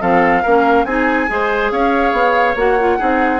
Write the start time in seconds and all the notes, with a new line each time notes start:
0.00 F3 C4 A4 F5
0.43 A#3 C#4 A#4
0.85 C4 D#4 G#4 G#5
1.28 G#3 G#4 C5
1.71 C#4 C#5 F5
2.12 B3
2.56 A#3 F#4 F#5
2.79 F4
2.99 C4 D#4 G#4